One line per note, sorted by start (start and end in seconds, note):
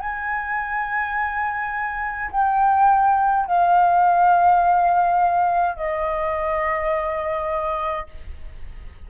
0.00 2.31 G#5
2.31 3.46 G5
3.46 5.76 F5
5.76 8.07 D#5